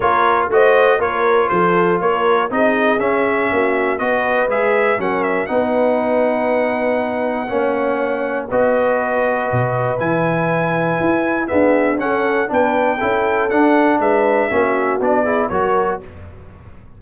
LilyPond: <<
  \new Staff \with { instrumentName = "trumpet" } { \time 4/4 \tempo 4 = 120 cis''4 dis''4 cis''4 c''4 | cis''4 dis''4 e''2 | dis''4 e''4 fis''8 e''8 fis''4~ | fis''1~ |
fis''4 dis''2. | gis''2. e''4 | fis''4 g''2 fis''4 | e''2 d''4 cis''4 | }
  \new Staff \with { instrumentName = "horn" } { \time 4/4 ais'4 c''4 ais'4 a'4 | ais'4 gis'2 fis'4 | b'2 ais'4 b'4~ | b'2. cis''4~ |
cis''4 b'2.~ | b'2. gis'4 | a'4 b'4 a'2 | b'4 fis'4. gis'8 ais'4 | }
  \new Staff \with { instrumentName = "trombone" } { \time 4/4 f'4 fis'4 f'2~ | f'4 dis'4 cis'2 | fis'4 gis'4 cis'4 dis'4~ | dis'2. cis'4~ |
cis'4 fis'2. | e'2. b4 | cis'4 d'4 e'4 d'4~ | d'4 cis'4 d'8 e'8 fis'4 | }
  \new Staff \with { instrumentName = "tuba" } { \time 4/4 ais4 a4 ais4 f4 | ais4 c'4 cis'4 ais4 | b4 gis4 fis4 b4~ | b2. ais4~ |
ais4 b2 b,4 | e2 e'4 d'4 | cis'4 b4 cis'4 d'4 | gis4 ais4 b4 fis4 | }
>>